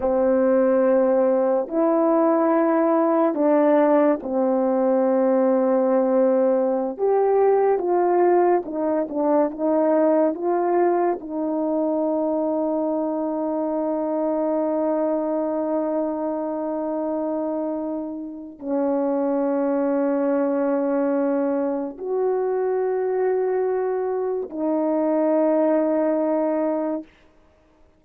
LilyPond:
\new Staff \with { instrumentName = "horn" } { \time 4/4 \tempo 4 = 71 c'2 e'2 | d'4 c'2.~ | c'16 g'4 f'4 dis'8 d'8 dis'8.~ | dis'16 f'4 dis'2~ dis'8.~ |
dis'1~ | dis'2 cis'2~ | cis'2 fis'2~ | fis'4 dis'2. | }